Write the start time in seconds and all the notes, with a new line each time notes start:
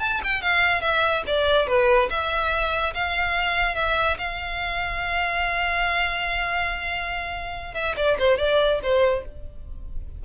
0.00 A5
0.24 G5
0.42 F5
0.81 E5
1.27 D5
1.67 B4
2.10 E5
2.94 F5
3.76 E5
4.18 F5
7.74 E5
7.96 D5
8.19 C5
8.38 D5
8.83 C5